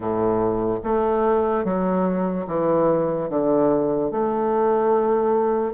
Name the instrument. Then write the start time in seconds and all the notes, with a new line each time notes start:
bassoon
0.00 A2
0.83 A3
1.64 F#3
2.47 E3
3.29 D3
4.11 A3